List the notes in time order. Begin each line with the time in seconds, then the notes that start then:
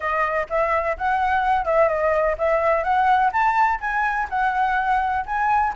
0.00 D#5
0.49 E5
0.97 F#5
1.65 E5
1.88 D#5
2.38 E5
2.83 F#5
3.32 A5
3.80 G#5
4.29 F#5
5.26 G#5